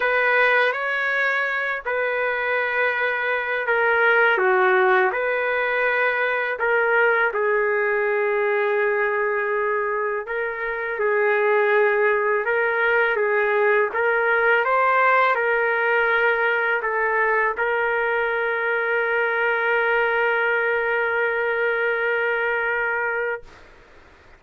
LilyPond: \new Staff \with { instrumentName = "trumpet" } { \time 4/4 \tempo 4 = 82 b'4 cis''4. b'4.~ | b'4 ais'4 fis'4 b'4~ | b'4 ais'4 gis'2~ | gis'2 ais'4 gis'4~ |
gis'4 ais'4 gis'4 ais'4 | c''4 ais'2 a'4 | ais'1~ | ais'1 | }